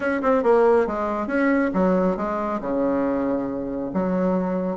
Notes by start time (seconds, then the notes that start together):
0.00 C#4
0.22 C4
0.43 A#3
0.86 G#3
1.27 C#4
1.73 F#3
2.17 G#3
2.60 C#3
3.93 F#3